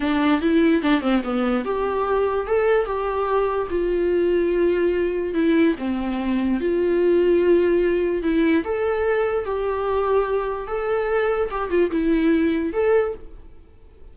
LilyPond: \new Staff \with { instrumentName = "viola" } { \time 4/4 \tempo 4 = 146 d'4 e'4 d'8 c'8 b4 | g'2 a'4 g'4~ | g'4 f'2.~ | f'4 e'4 c'2 |
f'1 | e'4 a'2 g'4~ | g'2 a'2 | g'8 f'8 e'2 a'4 | }